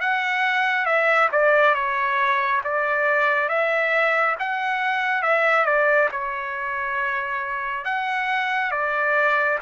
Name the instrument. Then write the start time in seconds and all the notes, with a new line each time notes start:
trumpet
0.00 F#5
0.85 E5
1.32 D5
1.74 C#5
2.64 D5
3.49 E5
4.39 F#5
5.22 E5
5.65 D5
6.11 C#5
7.85 F#5
8.71 D5